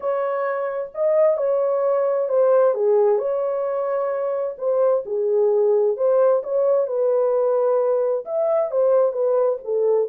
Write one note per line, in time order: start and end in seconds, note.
0.00 0.90 C#5
0.94 1.37 D#5
1.37 2.28 C#5
2.28 2.74 C5
2.74 3.18 G#4
3.18 4.56 C#5
4.57 5.03 C5
5.05 5.96 G#4
5.96 6.42 C5
6.43 6.87 C#5
6.87 8.24 B4
8.25 8.71 E5
8.71 9.12 C5
9.12 9.58 B4
9.64 10.08 A4